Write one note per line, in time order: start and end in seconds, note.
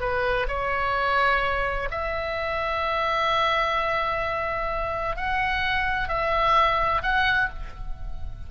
0.00 0.47 B4
0.48 1.89 C#5
1.90 5.16 E5
5.16 6.08 F#5
6.08 7.02 E5
7.02 7.49 F#5